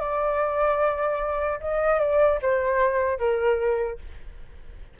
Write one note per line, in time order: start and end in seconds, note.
0.00 1.60 D5
1.61 2.00 D#5
2.00 2.40 D5
2.42 3.19 C5
3.19 3.99 A#4